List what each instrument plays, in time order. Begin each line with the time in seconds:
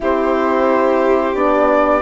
0.00 bassoon C4, horn E4, violin G4, flute C5
1.34 bassoon B3, horn D4, flute D5